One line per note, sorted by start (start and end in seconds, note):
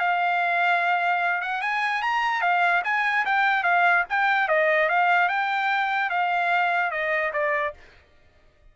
0.00 1.42 F5
1.42 1.62 F#5
1.62 2.03 G#5
2.03 2.42 A#5
2.42 2.83 F5
2.85 3.25 G#5
3.26 3.64 G5
3.64 4.05 F5
4.10 4.49 G5
4.49 4.89 D#5
4.89 5.29 F5
5.29 6.10 G5
6.10 6.91 F5
6.91 7.32 D#5
7.34 7.74 D5